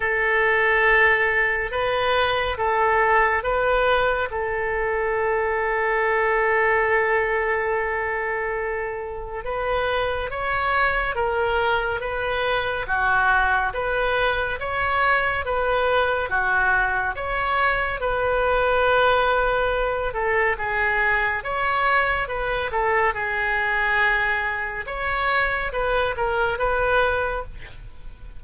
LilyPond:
\new Staff \with { instrumentName = "oboe" } { \time 4/4 \tempo 4 = 70 a'2 b'4 a'4 | b'4 a'2.~ | a'2. b'4 | cis''4 ais'4 b'4 fis'4 |
b'4 cis''4 b'4 fis'4 | cis''4 b'2~ b'8 a'8 | gis'4 cis''4 b'8 a'8 gis'4~ | gis'4 cis''4 b'8 ais'8 b'4 | }